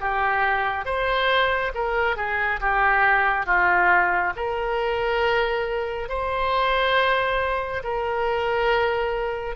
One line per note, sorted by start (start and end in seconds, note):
0.00 0.85 G4
0.85 1.72 C5
1.74 2.17 A#4
2.17 2.60 G#4
2.60 3.46 G4
3.46 4.33 F4
4.36 6.09 A#4
6.09 7.83 C5
7.84 9.56 A#4